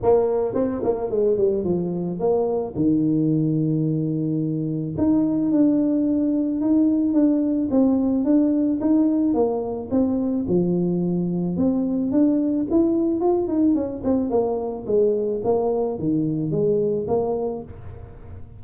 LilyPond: \new Staff \with { instrumentName = "tuba" } { \time 4/4 \tempo 4 = 109 ais4 c'8 ais8 gis8 g8 f4 | ais4 dis2.~ | dis4 dis'4 d'2 | dis'4 d'4 c'4 d'4 |
dis'4 ais4 c'4 f4~ | f4 c'4 d'4 e'4 | f'8 dis'8 cis'8 c'8 ais4 gis4 | ais4 dis4 gis4 ais4 | }